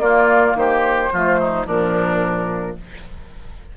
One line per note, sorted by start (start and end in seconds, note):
0.00 0.55 A#3
0.00 1.10 A#3
0.00 0.58 F4
0.00 0.56 D5
0.55 1.10 D#3
0.55 1.14 G4
0.55 1.68 C5
1.13 1.67 F3
1.13 1.66 A3
1.13 1.40 F4
1.40 1.67 D#4
1.66 2.77 A#2
1.66 2.76 F3
1.66 2.77 D4
1.66 2.78 A#4